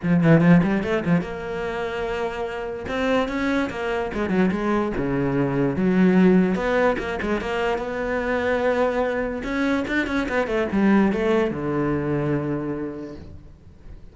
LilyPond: \new Staff \with { instrumentName = "cello" } { \time 4/4 \tempo 4 = 146 f8 e8 f8 g8 a8 f8 ais4~ | ais2. c'4 | cis'4 ais4 gis8 fis8 gis4 | cis2 fis2 |
b4 ais8 gis8 ais4 b4~ | b2. cis'4 | d'8 cis'8 b8 a8 g4 a4 | d1 | }